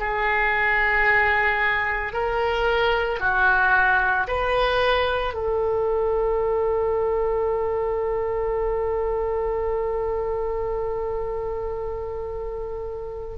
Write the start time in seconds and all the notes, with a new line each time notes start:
0.00 G#4
2.13 A#4
3.20 F#4
4.28 B4
5.34 A4